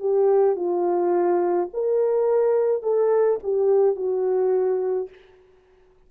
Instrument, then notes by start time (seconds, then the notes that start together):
horn
0.00 G4
0.56 F4
1.73 A#4
2.83 A4
3.43 G4
3.96 F#4